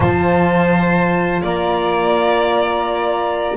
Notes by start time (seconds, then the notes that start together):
0.00 F3 F4 C5 A5
1.42 A#3 D5 A#5